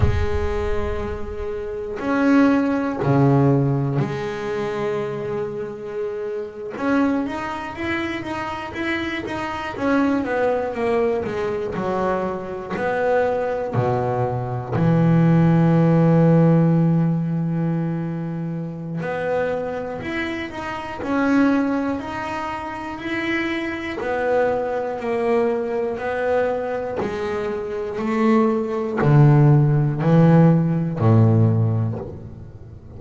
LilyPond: \new Staff \with { instrumentName = "double bass" } { \time 4/4 \tempo 4 = 60 gis2 cis'4 cis4 | gis2~ gis8. cis'8 dis'8 e'16~ | e'16 dis'8 e'8 dis'8 cis'8 b8 ais8 gis8 fis16~ | fis8. b4 b,4 e4~ e16~ |
e2. b4 | e'8 dis'8 cis'4 dis'4 e'4 | b4 ais4 b4 gis4 | a4 d4 e4 a,4 | }